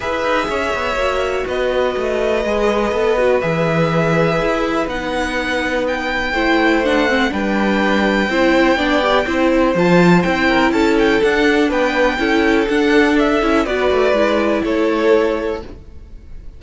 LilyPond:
<<
  \new Staff \with { instrumentName = "violin" } { \time 4/4 \tempo 4 = 123 e''2. dis''4~ | dis''2. e''4~ | e''2 fis''2 | g''2 fis''4 g''4~ |
g''1 | a''4 g''4 a''8 g''8 fis''4 | g''2 fis''4 e''4 | d''2 cis''2 | }
  \new Staff \with { instrumentName = "violin" } { \time 4/4 b'4 cis''2 b'4~ | b'1~ | b'1~ | b'4 c''2 b'4~ |
b'4 c''4 d''4 c''4~ | c''4. ais'8 a'2 | b'4 a'2. | b'2 a'2 | }
  \new Staff \with { instrumentName = "viola" } { \time 4/4 gis'2 fis'2~ | fis'4 gis'4 a'8 fis'8 gis'4~ | gis'2 dis'2~ | dis'4 e'4 d'8 c'8 d'4~ |
d'4 e'4 d'8 g'8 e'4 | f'4 e'2 d'4~ | d'4 e'4 d'4. e'8 | fis'4 e'2. | }
  \new Staff \with { instrumentName = "cello" } { \time 4/4 e'8 dis'8 cis'8 b8 ais4 b4 | a4 gis4 b4 e4~ | e4 e'4 b2~ | b4 a2 g4~ |
g4 c'4 b4 c'4 | f4 c'4 cis'4 d'4 | b4 cis'4 d'4. cis'8 | b8 a8 gis4 a2 | }
>>